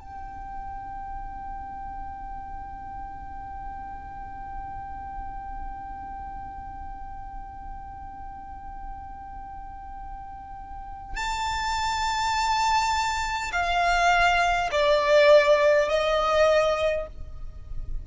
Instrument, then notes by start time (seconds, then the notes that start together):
violin
0.00 G5
11.17 A5
13.52 F5
14.72 D5
15.89 D#5